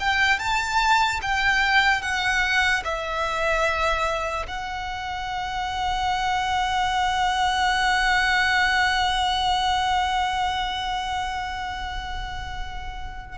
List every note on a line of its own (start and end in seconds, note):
0.00 0.39 G5
0.39 1.21 A5
1.22 2.02 G5
2.02 2.83 F#5
2.85 4.47 E5
4.48 13.38 F#5